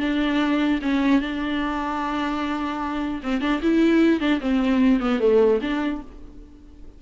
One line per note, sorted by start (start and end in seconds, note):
0.00 0.80 D4
0.82 1.21 C#4
1.21 3.21 D4
3.23 3.41 C4
3.41 3.61 D4
3.62 4.21 E4
4.21 4.41 D4
4.41 5.00 C4
5.00 5.20 B3
5.20 5.60 A3
5.61 6.01 D4